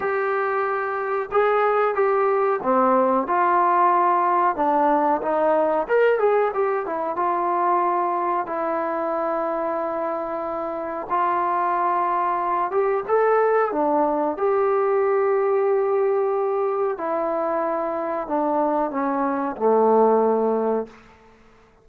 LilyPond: \new Staff \with { instrumentName = "trombone" } { \time 4/4 \tempo 4 = 92 g'2 gis'4 g'4 | c'4 f'2 d'4 | dis'4 ais'8 gis'8 g'8 e'8 f'4~ | f'4 e'2.~ |
e'4 f'2~ f'8 g'8 | a'4 d'4 g'2~ | g'2 e'2 | d'4 cis'4 a2 | }